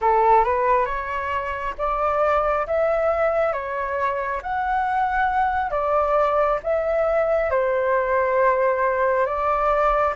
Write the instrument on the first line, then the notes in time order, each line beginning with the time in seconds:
flute
0.01 A4
0.44 B4
0.85 C#5
1.78 D5
2.66 E5
3.53 C#5
4.42 F#5
5.70 D5
6.63 E5
7.50 C5
9.26 D5